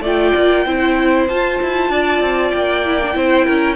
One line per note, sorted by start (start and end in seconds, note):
0.00 0.31 A3
0.00 0.66 F4
0.00 0.63 D5
0.00 1.28 G5
0.35 0.65 A#3
0.65 1.28 C4
0.65 1.28 E4
0.65 1.91 C5
1.28 1.60 F4
1.28 2.85 F4
1.28 2.51 A5
1.62 1.89 E4
1.89 2.20 D4
1.89 3.16 D5
2.20 2.51 C4
2.51 3.15 A#3
2.51 3.75 G5
2.85 3.01 E4
3.01 3.12 D4
3.12 3.46 C4
3.12 3.75 E4
3.12 3.45 C5
3.45 3.75 C#4
3.45 3.75 A#4